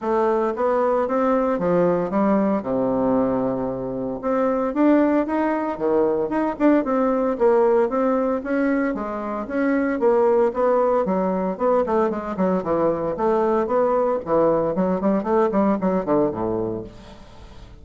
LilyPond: \new Staff \with { instrumentName = "bassoon" } { \time 4/4 \tempo 4 = 114 a4 b4 c'4 f4 | g4 c2. | c'4 d'4 dis'4 dis4 | dis'8 d'8 c'4 ais4 c'4 |
cis'4 gis4 cis'4 ais4 | b4 fis4 b8 a8 gis8 fis8 | e4 a4 b4 e4 | fis8 g8 a8 g8 fis8 d8 a,4 | }